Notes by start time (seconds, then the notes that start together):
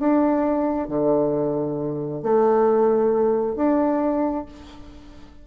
0.00 D4
0.89 D3
2.23 A3
3.56 D4